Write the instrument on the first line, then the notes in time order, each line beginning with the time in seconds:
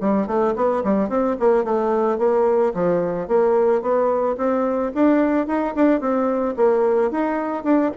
bassoon
0.00 G3
0.27 A3
0.56 B3
0.84 G3
1.09 C4
1.40 A#3
1.64 A3
2.18 A#3
2.74 F3
3.28 A#3
3.82 B3
4.37 C4
4.95 D4
5.47 D#4
5.75 D4
6.00 C4
6.57 A#3
7.11 D#4
7.64 D4